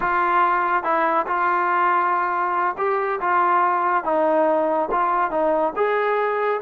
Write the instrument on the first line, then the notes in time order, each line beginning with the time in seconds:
trombone
0.00 F4
0.83 E4
1.26 F4
2.77 G4
3.20 F4
4.03 D#4
4.91 F4
5.30 D#4
5.75 G#4